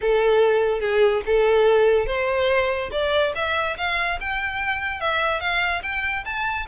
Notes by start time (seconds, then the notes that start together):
0.01 A4
0.80 G#4
1.26 A4
2.06 C5
2.91 D5
3.35 E5
3.77 F5
4.20 G5
5.00 E5
5.40 F5
5.82 G5
6.24 A5